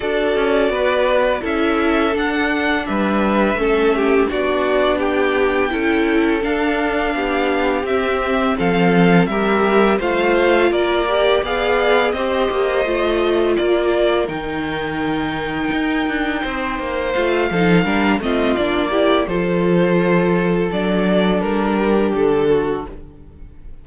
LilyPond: <<
  \new Staff \with { instrumentName = "violin" } { \time 4/4 \tempo 4 = 84 d''2 e''4 fis''4 | e''2 d''4 g''4~ | g''4 f''2 e''4 | f''4 e''4 f''4 d''4 |
f''4 dis''2 d''4 | g''1 | f''4. dis''8 d''4 c''4~ | c''4 d''4 ais'4 a'4 | }
  \new Staff \with { instrumentName = "violin" } { \time 4/4 a'4 b'4 a'2 | b'4 a'8 g'8 fis'4 g'4 | a'2 g'2 | a'4 ais'4 c''4 ais'4 |
d''4 c''2 ais'4~ | ais'2. c''4~ | c''8 a'8 ais'8 f'4 g'8 a'4~ | a'2~ a'8 g'4 fis'8 | }
  \new Staff \with { instrumentName = "viola" } { \time 4/4 fis'2 e'4 d'4~ | d'4 cis'4 d'2 | e'4 d'2 c'4~ | c'4 g'4 f'4. g'8 |
gis'4 g'4 f'2 | dis'1 | f'8 dis'8 d'8 c'8 d'8 e'8 f'4~ | f'4 d'2. | }
  \new Staff \with { instrumentName = "cello" } { \time 4/4 d'8 cis'8 b4 cis'4 d'4 | g4 a4 b2 | cis'4 d'4 b4 c'4 | f4 g4 a4 ais4 |
b4 c'8 ais8 a4 ais4 | dis2 dis'8 d'8 c'8 ais8 | a8 f8 g8 a8 ais4 f4~ | f4 fis4 g4 d4 | }
>>